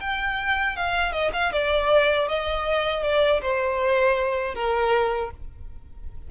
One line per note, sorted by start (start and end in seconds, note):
0.00 0.76 G5
0.76 1.12 F5
1.12 1.31 D#5
1.33 1.52 F5
1.52 2.28 D5
2.28 3.03 D#5
3.03 3.41 D5
3.41 4.55 C5
4.55 5.31 A#4